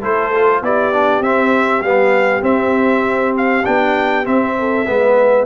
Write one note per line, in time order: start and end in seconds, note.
0.00 0.62 A3
0.00 0.31 E4
0.00 0.61 A4
0.00 0.64 C5
0.35 0.63 F4
0.62 1.20 B3
0.62 0.93 E4
0.62 4.58 G4
0.62 1.23 D5
0.93 1.23 D4
1.20 1.81 C4
1.20 1.84 C4
1.20 1.82 E5
1.81 2.41 G3
1.81 2.42 B3
1.81 2.43 F5
2.42 3.63 C4
2.42 3.64 C4
2.42 3.35 E5
3.37 3.65 F5
3.65 4.28 B3
3.65 4.24 D4
3.65 4.26 G5
4.24 4.85 C4
4.24 4.88 C4
4.24 5.46 E5
4.58 4.89 A4
4.86 5.46 G#3
4.86 5.46 B3
4.86 5.46 B4